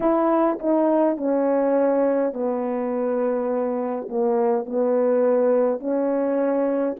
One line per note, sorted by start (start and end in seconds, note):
0.00 0.58 E4
0.59 1.17 D#4
1.17 2.33 C#4
2.33 4.08 B3
4.09 4.65 A#3
4.65 5.79 B3
5.79 6.96 C#4